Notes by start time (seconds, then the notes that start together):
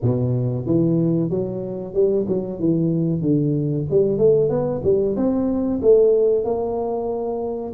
0.02 B2
0.66 E3
1.30 F#3
1.94 G3
2.28 F#3
2.59 E3
3.21 D3
3.90 G3
4.18 A3
4.49 B3
4.83 G3
5.16 C4
5.82 A3
6.44 A#3